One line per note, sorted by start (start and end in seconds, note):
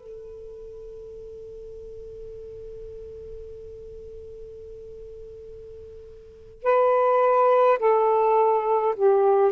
0.00 6.63 A4
6.63 7.79 B4
7.79 8.95 A4
8.96 9.52 G4